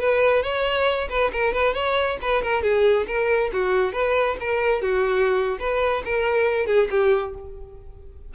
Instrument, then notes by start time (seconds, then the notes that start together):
violin
0.00 B4
0.43 C#5
1.09 B4
1.32 A#4
1.53 B4
1.74 C#5
2.22 B4
2.42 A#4
2.63 G#4
3.07 A#4
3.53 F#4
3.93 B4
4.40 A#4
4.82 F#4
5.60 B4
6.05 A#4
6.66 G#4
6.90 G4